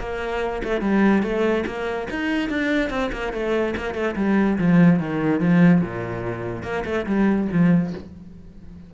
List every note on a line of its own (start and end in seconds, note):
0.00 0.62 A#3
0.64 0.82 A3
0.82 1.23 G3
1.23 1.65 A3
1.66 2.08 A#3
2.11 2.50 D#4
2.50 2.90 D4
2.90 3.11 C4
3.12 3.33 A#3
3.33 3.75 A3
3.77 3.95 A#3
3.95 4.15 A3
4.16 4.58 G3
4.59 5.00 F3
5.00 5.41 D#3
5.41 5.82 F3
5.82 6.63 A#2
6.63 6.84 A#3
6.85 7.06 A3
7.07 7.48 G3
7.52 7.94 F3